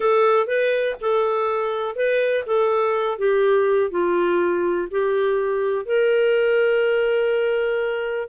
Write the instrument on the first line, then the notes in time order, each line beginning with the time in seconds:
clarinet
0.00 A4
0.46 B4
1.00 A4
1.95 B4
2.46 A4
3.18 G4
3.90 F4
4.90 G4
5.85 A#4